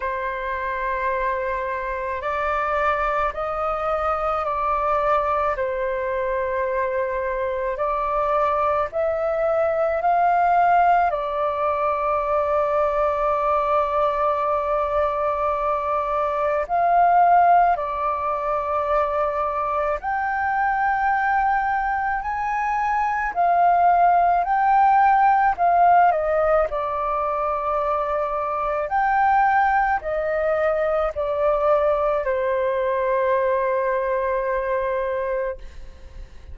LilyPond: \new Staff \with { instrumentName = "flute" } { \time 4/4 \tempo 4 = 54 c''2 d''4 dis''4 | d''4 c''2 d''4 | e''4 f''4 d''2~ | d''2. f''4 |
d''2 g''2 | gis''4 f''4 g''4 f''8 dis''8 | d''2 g''4 dis''4 | d''4 c''2. | }